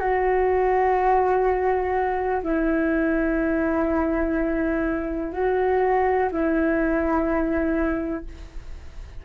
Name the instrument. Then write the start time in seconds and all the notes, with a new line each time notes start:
flute
0.00 F#4
2.43 E4
5.33 F#4
6.32 E4